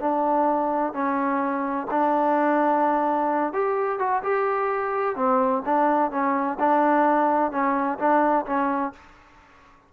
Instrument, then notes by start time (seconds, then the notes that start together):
trombone
0.00 D4
0.94 C#4
1.91 D4
3.53 G4
3.99 F#4
4.23 G4
5.16 C4
5.66 D4
6.11 C#4
6.60 D4
7.52 C#4
7.99 D4
8.46 C#4